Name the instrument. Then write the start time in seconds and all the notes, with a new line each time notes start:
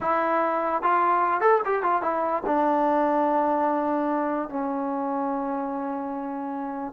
trombone
0.00 E4
0.82 F4
1.40 A4
1.65 G4
1.83 F4
2.01 E4
2.46 D4
4.49 C#4